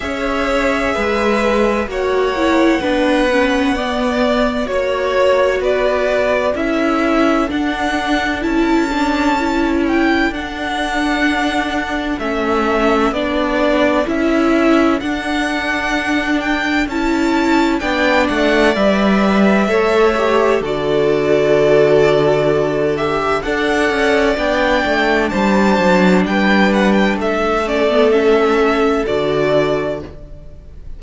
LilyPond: <<
  \new Staff \with { instrumentName = "violin" } { \time 4/4 \tempo 4 = 64 e''2 fis''2~ | fis''4 cis''4 d''4 e''4 | fis''4 a''4. g''8 fis''4~ | fis''4 e''4 d''4 e''4 |
fis''4. g''8 a''4 g''8 fis''8 | e''2 d''2~ | d''8 e''8 fis''4 g''4 a''4 | g''8 fis''16 g''16 e''8 d''8 e''4 d''4 | }
  \new Staff \with { instrumentName = "violin" } { \time 4/4 cis''4 b'4 cis''4 b'4 | d''4 cis''4 b'4 a'4~ | a'1~ | a'1~ |
a'2. d''4~ | d''4 cis''4 a'2~ | a'4 d''2 c''4 | b'4 a'2. | }
  \new Staff \with { instrumentName = "viola" } { \time 4/4 gis'2 fis'8 e'8 d'8 cis'8 | b4 fis'2 e'4 | d'4 e'8 d'8 e'4 d'4~ | d'4 cis'4 d'4 e'4 |
d'2 e'4 d'4 | b'4 a'8 g'8 fis'2~ | fis'8 g'8 a'4 d'2~ | d'4. cis'16 b16 cis'4 fis'4 | }
  \new Staff \with { instrumentName = "cello" } { \time 4/4 cis'4 gis4 ais4 b4~ | b4 ais4 b4 cis'4 | d'4 cis'2 d'4~ | d'4 a4 b4 cis'4 |
d'2 cis'4 b8 a8 | g4 a4 d2~ | d4 d'8 cis'8 b8 a8 g8 fis8 | g4 a2 d4 | }
>>